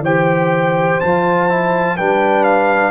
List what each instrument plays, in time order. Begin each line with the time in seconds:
0.00 tuba E3, trombone G4, horn C5, trumpet G5
1.00 tuba F3, trombone F4, trumpet A5
1.49 trombone E4
1.96 tuba G3, trombone D4, horn B4, trumpet G5
2.44 trumpet F5